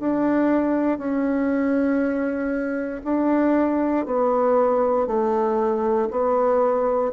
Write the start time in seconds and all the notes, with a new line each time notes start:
0.00 D4
0.98 C#4
3.05 D4
4.06 B3
5.08 A3
6.11 B3